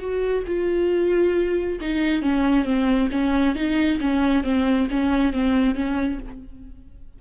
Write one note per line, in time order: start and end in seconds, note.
0.00 0.44 F#4
0.47 1.79 F4
1.81 2.22 D#4
2.22 2.65 C#4
2.65 3.09 C4
3.12 3.56 C#4
3.56 4.00 D#4
4.01 4.44 C#4
4.44 4.88 C4
4.91 5.33 C#4
5.33 5.75 C4
5.75 6.19 C#4